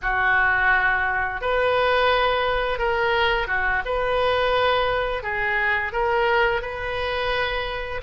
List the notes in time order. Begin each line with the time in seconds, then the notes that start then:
0.02 F#4
1.41 B4
2.78 A#4
3.47 F#4
3.85 B4
5.22 G#4
5.92 A#4
6.61 B4